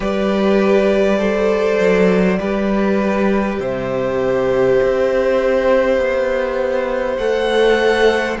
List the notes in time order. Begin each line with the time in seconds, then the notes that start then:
0.00 G3 G4 B4 D5
1.18 A4 C5
1.79 F#3
2.39 G3 G4 B4
3.59 C3 C5 E5
4.83 C4
5.97 B3
7.17 A3 A4 F#5